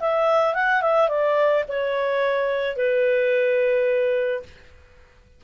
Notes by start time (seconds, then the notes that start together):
0.00 E5
0.54 F#5
0.82 E5
1.09 D5
1.68 C#5
2.77 B4